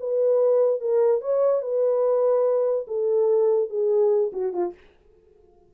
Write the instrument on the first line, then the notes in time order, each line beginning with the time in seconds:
horn
0.00 B4
0.81 A#4
1.21 C#5
1.62 B4
2.88 A4
3.70 G#4
4.33 F#4
4.53 F4